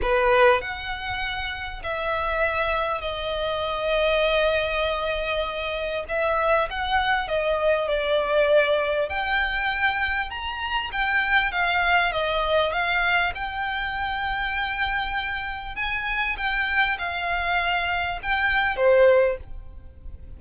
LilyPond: \new Staff \with { instrumentName = "violin" } { \time 4/4 \tempo 4 = 99 b'4 fis''2 e''4~ | e''4 dis''2.~ | dis''2 e''4 fis''4 | dis''4 d''2 g''4~ |
g''4 ais''4 g''4 f''4 | dis''4 f''4 g''2~ | g''2 gis''4 g''4 | f''2 g''4 c''4 | }